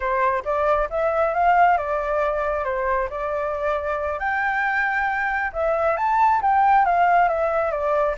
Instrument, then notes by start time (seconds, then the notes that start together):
flute
0.00 C5
0.44 D5
0.89 E5
1.34 F5
1.77 D5
2.64 C5
3.10 D5
4.19 G5
5.52 E5
5.97 A5
6.41 G5
6.85 F5
7.28 E5
7.71 D5